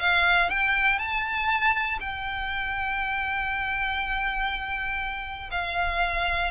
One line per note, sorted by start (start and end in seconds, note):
0.00 0.49 F5
0.49 0.99 G5
0.99 1.99 A5
2.00 5.50 G5
5.51 6.51 F5